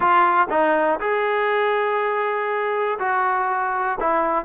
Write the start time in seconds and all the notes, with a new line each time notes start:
0.00 F4
0.50 D#4
0.99 G#4
2.99 F#4
3.99 E4